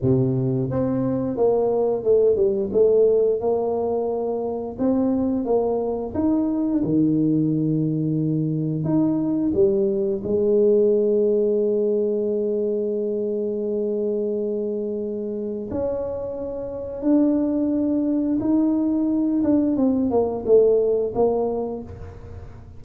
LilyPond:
\new Staff \with { instrumentName = "tuba" } { \time 4/4 \tempo 4 = 88 c4 c'4 ais4 a8 g8 | a4 ais2 c'4 | ais4 dis'4 dis2~ | dis4 dis'4 g4 gis4~ |
gis1~ | gis2. cis'4~ | cis'4 d'2 dis'4~ | dis'8 d'8 c'8 ais8 a4 ais4 | }